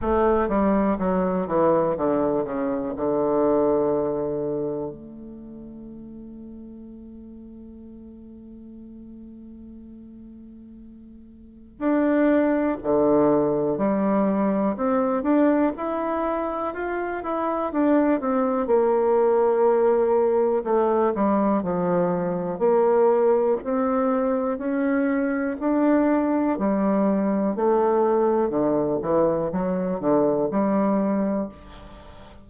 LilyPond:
\new Staff \with { instrumentName = "bassoon" } { \time 4/4 \tempo 4 = 61 a8 g8 fis8 e8 d8 cis8 d4~ | d4 a2.~ | a1 | d'4 d4 g4 c'8 d'8 |
e'4 f'8 e'8 d'8 c'8 ais4~ | ais4 a8 g8 f4 ais4 | c'4 cis'4 d'4 g4 | a4 d8 e8 fis8 d8 g4 | }